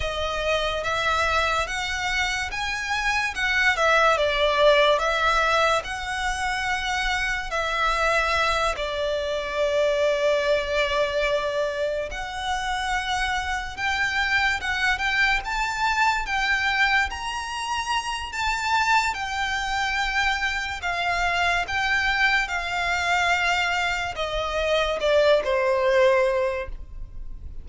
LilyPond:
\new Staff \with { instrumentName = "violin" } { \time 4/4 \tempo 4 = 72 dis''4 e''4 fis''4 gis''4 | fis''8 e''8 d''4 e''4 fis''4~ | fis''4 e''4. d''4.~ | d''2~ d''8 fis''4.~ |
fis''8 g''4 fis''8 g''8 a''4 g''8~ | g''8 ais''4. a''4 g''4~ | g''4 f''4 g''4 f''4~ | f''4 dis''4 d''8 c''4. | }